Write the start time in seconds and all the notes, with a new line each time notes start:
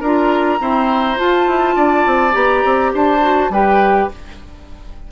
0.00 D4 F4 A#4 A#5
0.58 C4 E4 C5
1.17 F4 A5
1.47 E4
1.75 D4 D5
2.06 C4
2.31 B3 G4 A#5
2.64 C4
2.93 D4 C5 A5
3.21 F#4
3.49 G3 G4 B4 G5